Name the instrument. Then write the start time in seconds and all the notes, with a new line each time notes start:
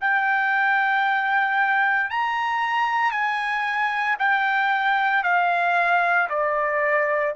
trumpet
0.00 G5
2.10 A#5
3.11 G#5
4.19 G5
5.23 F5
6.29 D5